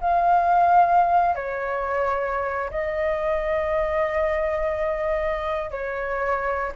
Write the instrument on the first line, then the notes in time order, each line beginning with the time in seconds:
flute
0.00 F5
1.35 C#5
2.70 D#5
5.70 C#5